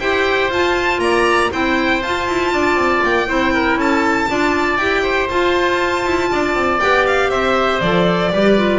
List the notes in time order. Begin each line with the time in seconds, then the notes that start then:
0.00 E4 G4 C5 G5
0.49 F4 A5
0.98 A#3 D5 A#5
1.51 C4 E4 C5 G5
2.02 F4 A5
2.28 E4
2.53 D4 D5
2.75 C4
3.03 A#3 G5
3.27 C4 E4 C5
3.53 A#4
3.76 C#4 A4 A5
4.29 D4 F4 D5
4.77 E4 G4 G5
5.03 C5
5.29 F4 A5
6.05 E4
6.31 D4 D5
6.55 C4
6.79 B3 G4 G5
7.07 F5
7.30 C4 C5 E5
7.81 F3 A4 D5
8.32 G3 G4 B4
8.57 F4